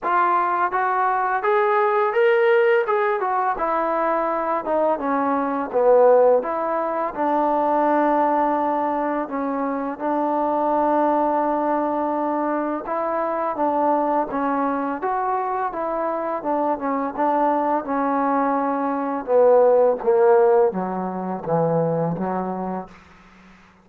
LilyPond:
\new Staff \with { instrumentName = "trombone" } { \time 4/4 \tempo 4 = 84 f'4 fis'4 gis'4 ais'4 | gis'8 fis'8 e'4. dis'8 cis'4 | b4 e'4 d'2~ | d'4 cis'4 d'2~ |
d'2 e'4 d'4 | cis'4 fis'4 e'4 d'8 cis'8 | d'4 cis'2 b4 | ais4 fis4 e4 fis4 | }